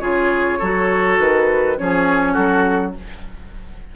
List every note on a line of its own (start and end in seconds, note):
0.00 0.59 C#3
0.00 0.60 F4
0.00 0.59 G#4
0.00 1.18 C#5
0.59 1.19 F#3
0.59 1.77 F#4
0.59 1.76 A4
1.19 1.78 D#3
1.19 1.78 B4
1.77 2.37 F3
1.77 2.94 C#4
1.77 2.33 G#4
1.77 2.34 C#5
2.33 2.95 F#3
2.33 2.92 F#4
2.33 2.93 A4